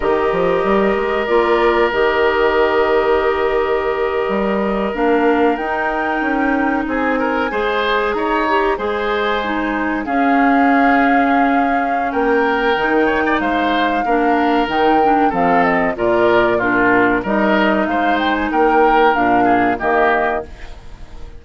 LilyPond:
<<
  \new Staff \with { instrumentName = "flute" } { \time 4/4 \tempo 4 = 94 dis''2 d''4 dis''4~ | dis''2.~ dis''8. f''16~ | f''8. g''2 gis''4~ gis''16~ | gis''8. ais''4 gis''2 f''16~ |
f''2. g''4~ | g''4 f''2 g''4 | f''8 dis''8 d''4 ais'4 dis''4 | f''8 g''16 gis''16 g''4 f''4 dis''4 | }
  \new Staff \with { instrumentName = "oboe" } { \time 4/4 ais'1~ | ais'1~ | ais'2~ ais'8. gis'8 ais'8 c''16~ | c''8. cis''4 c''2 gis'16~ |
gis'2. ais'4~ | ais'8 cis''16 d''16 c''4 ais'2 | a'4 ais'4 f'4 ais'4 | c''4 ais'4. gis'8 g'4 | }
  \new Staff \with { instrumentName = "clarinet" } { \time 4/4 g'2 f'4 g'4~ | g'2.~ g'8. d'16~ | d'8. dis'2. gis'16~ | gis'4~ gis'16 g'8 gis'4 dis'4 cis'16~ |
cis'1 | dis'2 d'4 dis'8 d'8 | c'4 f'4 d'4 dis'4~ | dis'2 d'4 ais4 | }
  \new Staff \with { instrumentName = "bassoon" } { \time 4/4 dis8 f8 g8 gis8 ais4 dis4~ | dis2~ dis8. g4 ais16~ | ais8. dis'4 cis'4 c'4 gis16~ | gis8. dis'4 gis2 cis'16~ |
cis'2. ais4 | dis4 gis4 ais4 dis4 | f4 ais,2 g4 | gis4 ais4 ais,4 dis4 | }
>>